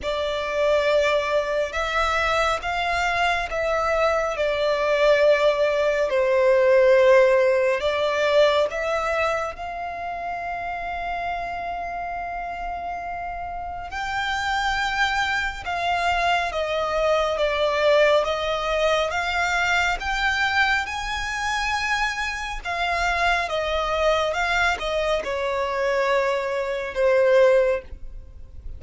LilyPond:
\new Staff \with { instrumentName = "violin" } { \time 4/4 \tempo 4 = 69 d''2 e''4 f''4 | e''4 d''2 c''4~ | c''4 d''4 e''4 f''4~ | f''1 |
g''2 f''4 dis''4 | d''4 dis''4 f''4 g''4 | gis''2 f''4 dis''4 | f''8 dis''8 cis''2 c''4 | }